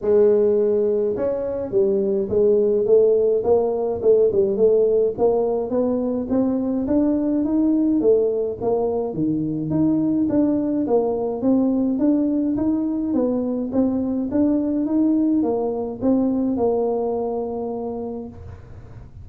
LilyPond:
\new Staff \with { instrumentName = "tuba" } { \time 4/4 \tempo 4 = 105 gis2 cis'4 g4 | gis4 a4 ais4 a8 g8 | a4 ais4 b4 c'4 | d'4 dis'4 a4 ais4 |
dis4 dis'4 d'4 ais4 | c'4 d'4 dis'4 b4 | c'4 d'4 dis'4 ais4 | c'4 ais2. | }